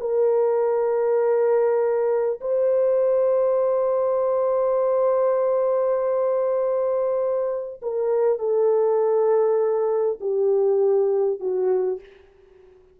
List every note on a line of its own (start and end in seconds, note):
0.00 2.40 A#4
2.41 7.81 C5
7.82 8.38 A#4
8.38 10.18 A4
10.20 11.40 G4
11.40 12.00 F#4